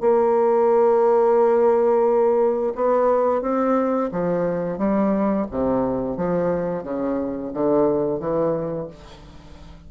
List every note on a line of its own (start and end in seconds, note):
0.00 2.73 A#3
2.75 3.41 B3
3.41 4.09 C4
4.11 4.78 F3
4.78 5.46 G3
5.50 6.17 C3
6.17 6.83 F3
6.83 7.51 C#3
7.53 8.19 D3
8.19 8.88 E3